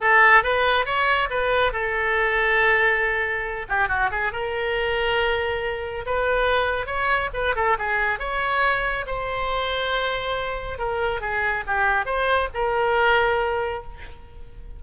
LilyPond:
\new Staff \with { instrumentName = "oboe" } { \time 4/4 \tempo 4 = 139 a'4 b'4 cis''4 b'4 | a'1~ | a'8 g'8 fis'8 gis'8 ais'2~ | ais'2 b'2 |
cis''4 b'8 a'8 gis'4 cis''4~ | cis''4 c''2.~ | c''4 ais'4 gis'4 g'4 | c''4 ais'2. | }